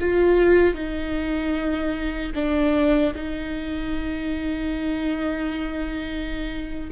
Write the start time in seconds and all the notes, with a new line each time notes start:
0.00 F4
0.74 D#4
2.35 D4
3.15 D#4